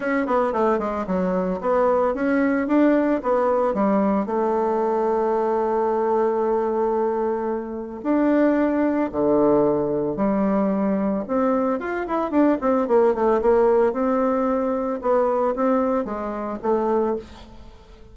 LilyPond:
\new Staff \with { instrumentName = "bassoon" } { \time 4/4 \tempo 4 = 112 cis'8 b8 a8 gis8 fis4 b4 | cis'4 d'4 b4 g4 | a1~ | a2. d'4~ |
d'4 d2 g4~ | g4 c'4 f'8 e'8 d'8 c'8 | ais8 a8 ais4 c'2 | b4 c'4 gis4 a4 | }